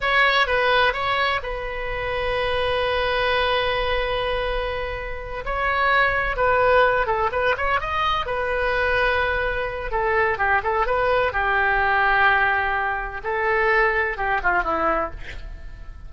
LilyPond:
\new Staff \with { instrumentName = "oboe" } { \time 4/4 \tempo 4 = 127 cis''4 b'4 cis''4 b'4~ | b'1~ | b'2.~ b'8 cis''8~ | cis''4. b'4. a'8 b'8 |
cis''8 dis''4 b'2~ b'8~ | b'4 a'4 g'8 a'8 b'4 | g'1 | a'2 g'8 f'8 e'4 | }